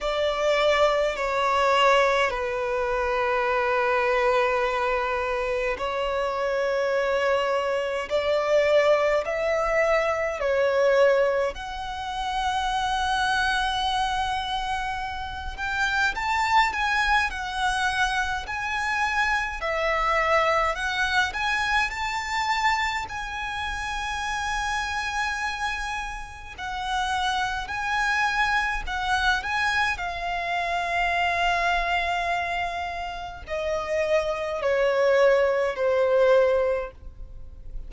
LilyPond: \new Staff \with { instrumentName = "violin" } { \time 4/4 \tempo 4 = 52 d''4 cis''4 b'2~ | b'4 cis''2 d''4 | e''4 cis''4 fis''2~ | fis''4. g''8 a''8 gis''8 fis''4 |
gis''4 e''4 fis''8 gis''8 a''4 | gis''2. fis''4 | gis''4 fis''8 gis''8 f''2~ | f''4 dis''4 cis''4 c''4 | }